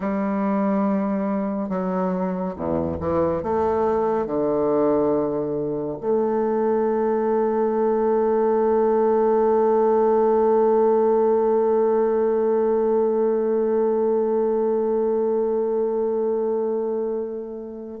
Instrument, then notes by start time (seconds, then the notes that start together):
bassoon
0.00 G3
1.69 F#3
2.56 E2
3.00 E3
3.42 A3
4.26 D3
6.00 A3